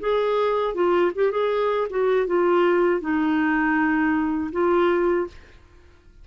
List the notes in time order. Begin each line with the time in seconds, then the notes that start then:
0.00 G#4
0.74 F4
1.15 G4
1.31 G#4
1.90 F#4
2.27 F4
3.01 D#4
4.52 F4